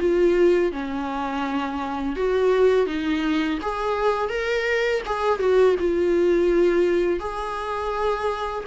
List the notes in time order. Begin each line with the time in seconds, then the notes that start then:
0.00 F4
0.72 C#4
2.16 F#4
2.87 D#4
3.62 G#4
4.29 A#4
5.06 G#4
5.40 F#4
5.79 F4
7.20 G#4